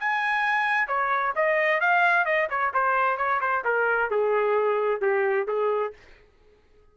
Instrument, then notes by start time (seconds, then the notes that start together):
trumpet
0.00 G#5
0.88 C#5
1.36 D#5
1.80 F5
2.25 D#5
2.50 C#5
2.74 C5
3.17 C#5
3.41 C5
3.65 A#4
4.10 G#4
5.01 G4
5.48 G#4